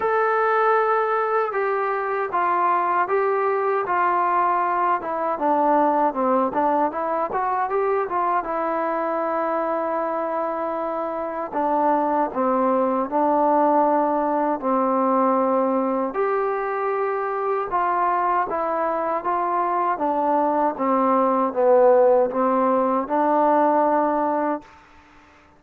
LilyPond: \new Staff \with { instrumentName = "trombone" } { \time 4/4 \tempo 4 = 78 a'2 g'4 f'4 | g'4 f'4. e'8 d'4 | c'8 d'8 e'8 fis'8 g'8 f'8 e'4~ | e'2. d'4 |
c'4 d'2 c'4~ | c'4 g'2 f'4 | e'4 f'4 d'4 c'4 | b4 c'4 d'2 | }